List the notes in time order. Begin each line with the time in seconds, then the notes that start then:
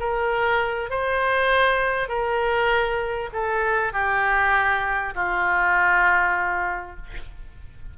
0.00 A#4
0.90 C5
2.09 A#4
3.33 A4
3.93 G4
5.15 F4